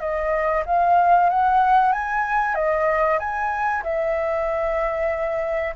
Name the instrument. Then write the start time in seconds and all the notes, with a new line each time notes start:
flute
0.00 D#5
0.66 F5
1.30 F#5
1.92 G#5
2.55 D#5
3.19 G#5
3.83 E5